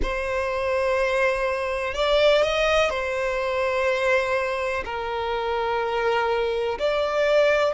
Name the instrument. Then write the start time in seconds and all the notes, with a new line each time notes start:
violin
0.02 C5
1.94 D5
2.42 D#5
2.89 C5
4.84 A#4
6.78 D5